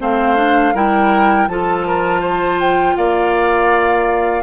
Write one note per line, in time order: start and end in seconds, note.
0.00 0.74 A3
0.00 0.36 C4
0.00 0.74 C5
0.00 0.75 F5
0.36 0.73 D4
0.74 1.47 G3
0.74 1.49 E4
0.74 1.48 A#4
0.74 1.48 G5
1.47 2.95 F3
1.47 4.43 F4
1.47 1.87 A4
1.47 2.59 A5
1.87 2.21 A#4
2.21 2.95 C5
2.60 2.96 G5
2.96 4.43 A#3
2.96 4.43 D5
2.96 4.43 F5